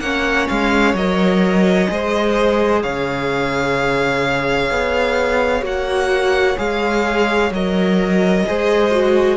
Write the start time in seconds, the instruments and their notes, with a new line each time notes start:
0.00 cello A#3, viola C#4, violin C#5 F#5
0.49 cello G#3, violin F5
0.94 cello F#3, viola A#4, violin D#5
1.88 cello G#3, viola G#4, violin C5
2.83 cello C#3, violin C#5 F5
4.71 cello B3
5.62 cello A#3, viola F#4, violin F#5
6.57 cello G#3, viola G#4, violin F5
7.51 cello F#3, viola A#4, violin D#5
8.46 cello G#3, viola G#4, violin C5
8.91 viola F#4